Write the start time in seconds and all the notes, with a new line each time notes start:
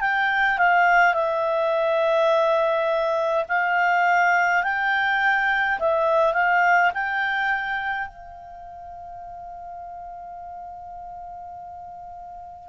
0.00 G5
0.58 F5
1.13 E5
3.48 F5
4.63 G5
5.78 E5
6.33 F5
6.93 G5
8.07 F5